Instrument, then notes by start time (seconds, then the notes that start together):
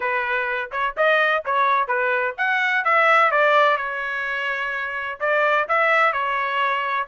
trumpet
0.00 B4
0.71 C#5
0.96 D#5
1.45 C#5
1.87 B4
2.37 F#5
2.84 E5
3.31 D5
3.77 C#5
5.20 D5
5.68 E5
6.12 C#5